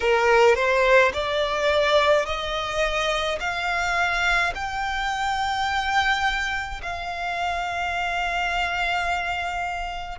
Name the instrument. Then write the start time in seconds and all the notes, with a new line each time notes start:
violin
0.00 A#4
0.55 C5
1.13 D5
2.25 D#5
3.40 F5
4.54 G5
6.82 F5